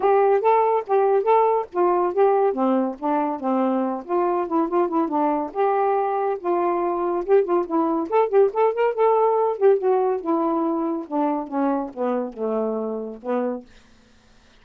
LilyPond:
\new Staff \with { instrumentName = "saxophone" } { \time 4/4 \tempo 4 = 141 g'4 a'4 g'4 a'4 | f'4 g'4 c'4 d'4 | c'4. f'4 e'8 f'8 e'8 | d'4 g'2 f'4~ |
f'4 g'8 f'8 e'4 a'8 g'8 | a'8 ais'8 a'4. g'8 fis'4 | e'2 d'4 cis'4 | b4 a2 b4 | }